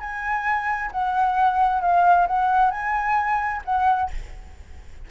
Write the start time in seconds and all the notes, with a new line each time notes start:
0.00 G#5
0.92 F#5
1.81 F5
2.27 F#5
2.71 G#5
3.65 F#5